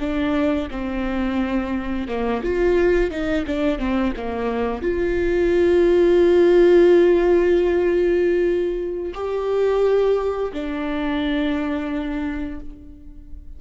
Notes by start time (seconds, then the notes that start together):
0.00 D4
0.71 C4
2.08 A#3
2.44 F4
3.11 D#4
3.47 D4
3.79 C4
4.17 A#3
4.83 F4
9.14 G4
10.53 D4